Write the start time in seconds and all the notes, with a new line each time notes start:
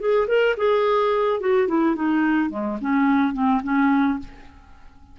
0.00 G#4
0.28 A#4
0.57 G#4
1.40 F#4
1.68 E4
1.96 D#4
2.50 G#3
2.81 C#4
3.34 C4
3.64 C#4